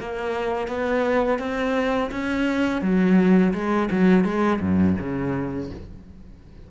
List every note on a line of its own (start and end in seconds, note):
0.00 0.68 A#3
0.68 1.39 B3
1.39 2.10 C4
2.11 2.82 C#4
2.82 3.53 F#3
3.54 3.90 G#3
3.91 4.24 F#3
4.24 4.60 G#3
4.61 4.96 F#2
4.99 5.70 C#3